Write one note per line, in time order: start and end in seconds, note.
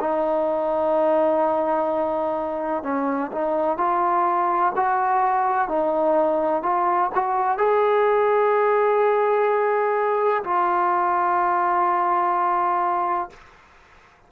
0.00 2.84 D#4
2.84 3.31 C#4
3.32 3.77 D#4
3.77 4.73 F4
4.76 5.68 F#4
5.68 6.63 D#4
6.63 7.10 F4
7.15 7.58 F#4
7.58 10.44 G#4
10.44 13.30 F4